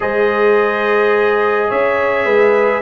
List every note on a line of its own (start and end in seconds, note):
0.00 1.70 G#3
0.00 2.81 G#4
0.00 1.68 C5
0.00 1.70 D#5
1.68 2.25 C#4
1.68 2.25 C#5
1.68 2.81 E5
2.25 2.81 G#3
2.25 2.81 B4